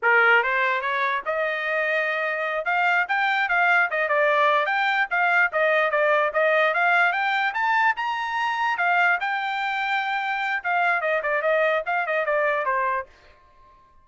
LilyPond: \new Staff \with { instrumentName = "trumpet" } { \time 4/4 \tempo 4 = 147 ais'4 c''4 cis''4 dis''4~ | dis''2~ dis''8 f''4 g''8~ | g''8 f''4 dis''8 d''4. g''8~ | g''8 f''4 dis''4 d''4 dis''8~ |
dis''8 f''4 g''4 a''4 ais''8~ | ais''4. f''4 g''4.~ | g''2 f''4 dis''8 d''8 | dis''4 f''8 dis''8 d''4 c''4 | }